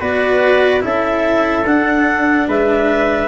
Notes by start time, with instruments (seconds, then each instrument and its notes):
0.00 tuba B3, cello F#4, trumpet B4, clarinet D5
0.80 tuba C#4, cello E4, trumpet A4, clarinet E5
1.64 tuba D4, cello D4, clarinet F#5
2.48 tuba G#3, trumpet B4, clarinet E5